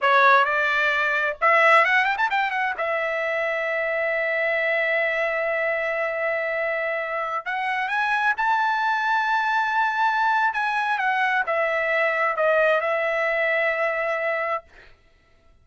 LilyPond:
\new Staff \with { instrumentName = "trumpet" } { \time 4/4 \tempo 4 = 131 cis''4 d''2 e''4 | fis''8 g''16 a''16 g''8 fis''8 e''2~ | e''1~ | e''1~ |
e''16 fis''4 gis''4 a''4.~ a''16~ | a''2. gis''4 | fis''4 e''2 dis''4 | e''1 | }